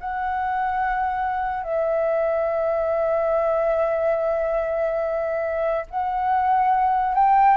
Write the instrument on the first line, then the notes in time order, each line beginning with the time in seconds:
flute
0.00 F#5
1.63 E5
5.90 F#5
7.14 G5